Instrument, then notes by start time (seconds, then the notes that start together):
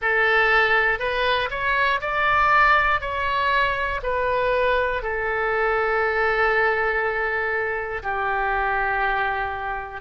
oboe
0.01 A4
0.99 B4
1.50 C#5
2.00 D5
3.00 C#5
4.02 B4
5.02 A4
8.03 G4